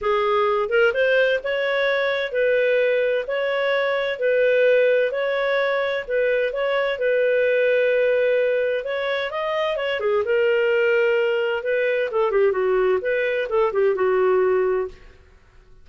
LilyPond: \new Staff \with { instrumentName = "clarinet" } { \time 4/4 \tempo 4 = 129 gis'4. ais'8 c''4 cis''4~ | cis''4 b'2 cis''4~ | cis''4 b'2 cis''4~ | cis''4 b'4 cis''4 b'4~ |
b'2. cis''4 | dis''4 cis''8 gis'8 ais'2~ | ais'4 b'4 a'8 g'8 fis'4 | b'4 a'8 g'8 fis'2 | }